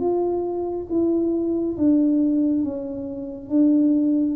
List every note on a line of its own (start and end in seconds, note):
0.00 0.87 F4
0.90 1.77 E4
1.77 2.64 D4
2.64 3.49 C#4
3.49 4.36 D4